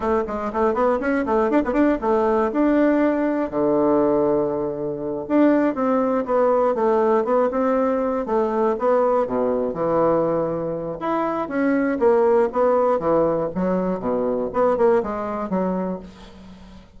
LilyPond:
\new Staff \with { instrumentName = "bassoon" } { \time 4/4 \tempo 4 = 120 a8 gis8 a8 b8 cis'8 a8 d'16 b16 d'8 | a4 d'2 d4~ | d2~ d8 d'4 c'8~ | c'8 b4 a4 b8 c'4~ |
c'8 a4 b4 b,4 e8~ | e2 e'4 cis'4 | ais4 b4 e4 fis4 | b,4 b8 ais8 gis4 fis4 | }